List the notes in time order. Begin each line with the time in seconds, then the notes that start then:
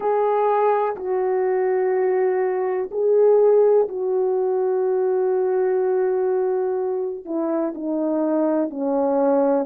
0.00 G#4
0.96 F#4
2.91 G#4
3.88 F#4
7.25 E4
7.74 D#4
8.70 C#4